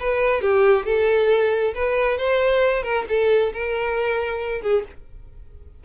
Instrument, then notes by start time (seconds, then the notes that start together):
violin
0.00 B4
0.42 G4
0.85 A4
1.74 B4
2.18 C5
2.83 A#4
3.09 A4
3.53 A#4
4.62 G#4